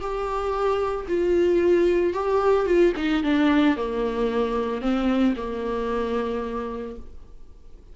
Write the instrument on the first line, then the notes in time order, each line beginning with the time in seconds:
viola
0.00 G4
1.08 F4
2.13 G4
2.66 F4
2.97 D#4
3.23 D4
3.77 A#3
4.81 C4
5.36 A#3